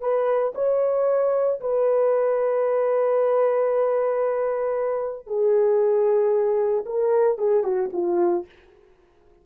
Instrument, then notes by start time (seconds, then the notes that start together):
horn
0.00 B4
0.54 C#5
1.60 B4
5.27 G#4
6.85 A#4
7.38 G#4
7.63 F#4
7.93 F4